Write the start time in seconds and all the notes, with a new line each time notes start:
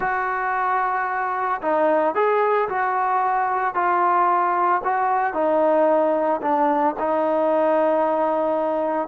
0.00 F#4
1.61 D#4
2.15 G#4
2.69 F#4
3.74 F4
4.84 F#4
5.33 D#4
6.41 D4
6.99 D#4